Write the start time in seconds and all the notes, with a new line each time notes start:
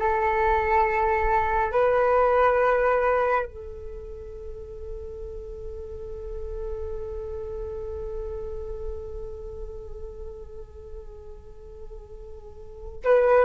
0.00 A4
1.72 B4
3.46 A4
13.05 B4